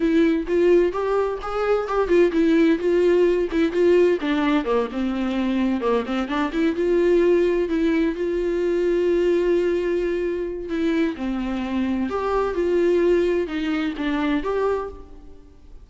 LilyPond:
\new Staff \with { instrumentName = "viola" } { \time 4/4 \tempo 4 = 129 e'4 f'4 g'4 gis'4 | g'8 f'8 e'4 f'4. e'8 | f'4 d'4 ais8 c'4.~ | c'8 ais8 c'8 d'8 e'8 f'4.~ |
f'8 e'4 f'2~ f'8~ | f'2. e'4 | c'2 g'4 f'4~ | f'4 dis'4 d'4 g'4 | }